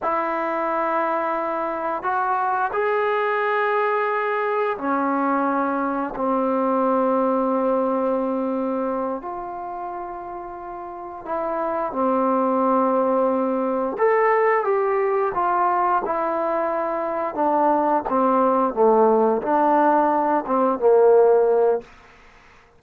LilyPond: \new Staff \with { instrumentName = "trombone" } { \time 4/4 \tempo 4 = 88 e'2. fis'4 | gis'2. cis'4~ | cis'4 c'2.~ | c'4. f'2~ f'8~ |
f'8 e'4 c'2~ c'8~ | c'8 a'4 g'4 f'4 e'8~ | e'4. d'4 c'4 a8~ | a8 d'4. c'8 ais4. | }